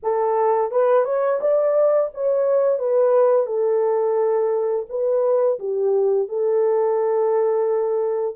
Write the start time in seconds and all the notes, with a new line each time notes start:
0.02 A4
0.71 B4
1.04 C#5
1.40 D5
2.13 C#5
2.78 B4
3.46 A4
4.89 B4
5.59 G4
6.28 A4